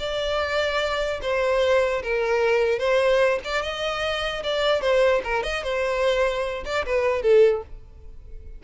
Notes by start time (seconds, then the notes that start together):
0.00 D5
1.22 C5
2.03 A#4
2.79 C5
3.44 D5
3.62 D#5
4.43 D5
4.82 C5
5.24 A#4
5.43 D#5
5.64 C5
6.65 D5
6.86 B4
7.23 A4